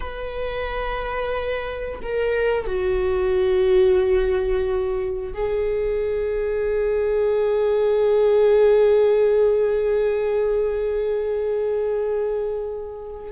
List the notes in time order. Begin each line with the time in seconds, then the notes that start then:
0.00 B4
2.02 A#4
2.66 F#4
5.33 G#4